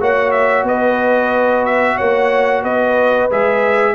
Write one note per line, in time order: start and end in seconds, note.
0.00 0.63 A#3
0.00 3.30 F#4
0.00 0.66 C#5
0.00 0.31 F#5
0.31 0.64 E5
0.63 1.95 B3
0.63 1.95 B4
0.63 1.65 D#5
1.65 1.97 E5
1.95 2.63 A#3
1.95 2.61 C#5
1.95 2.63 F#5
2.62 3.29 B3
2.62 3.94 B4
2.62 3.29 D#5
3.30 3.94 G#3
3.30 3.94 G#4
3.30 3.94 E5